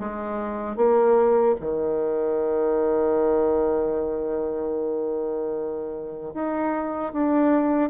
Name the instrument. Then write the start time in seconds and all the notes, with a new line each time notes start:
bassoon
0.00 G#3
0.77 A#3
1.60 D#3
6.34 D#4
7.13 D4